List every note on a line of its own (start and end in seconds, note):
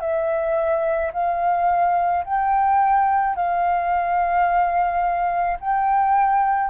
0.00 1.11 E5
1.13 2.24 F5
2.24 3.35 G5
3.35 5.58 F5
5.60 6.70 G5